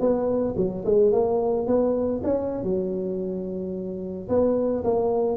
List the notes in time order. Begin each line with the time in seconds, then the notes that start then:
0.00 B3
0.57 F#3
0.85 G#3
1.12 A#3
1.67 B3
2.24 C#4
2.63 F#3
4.29 B3
4.84 A#3